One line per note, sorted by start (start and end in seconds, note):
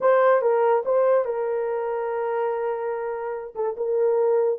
0.00 0.41 C5
0.41 0.83 A#4
0.85 1.24 C5
1.24 3.53 A#4
3.55 3.76 A4
3.76 4.59 A#4